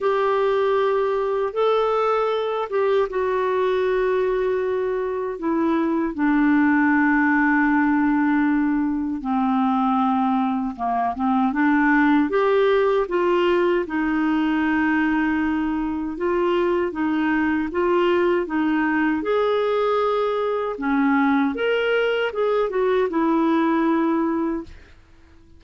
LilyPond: \new Staff \with { instrumentName = "clarinet" } { \time 4/4 \tempo 4 = 78 g'2 a'4. g'8 | fis'2. e'4 | d'1 | c'2 ais8 c'8 d'4 |
g'4 f'4 dis'2~ | dis'4 f'4 dis'4 f'4 | dis'4 gis'2 cis'4 | ais'4 gis'8 fis'8 e'2 | }